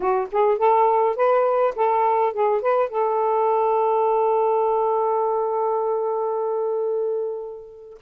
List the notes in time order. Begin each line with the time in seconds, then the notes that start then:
0.00 F#4
0.31 G#4
0.58 A4
1.16 B4
1.75 A4
2.33 G#4
2.61 B4
2.89 A4